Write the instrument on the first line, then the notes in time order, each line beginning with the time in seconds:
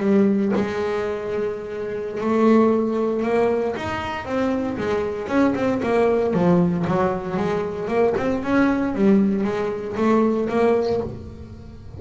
double bass
0.00 G3
0.55 G#3
2.21 A3
3.23 A#3
3.76 D#4
4.25 C4
4.77 G#3
5.28 C#4
5.55 C4
5.83 A#3
6.33 F3
6.87 F#3
7.37 G#3
7.88 A#3
8.17 C4
8.43 C#4
8.95 G3
9.44 G#3
9.96 A3
10.49 A#3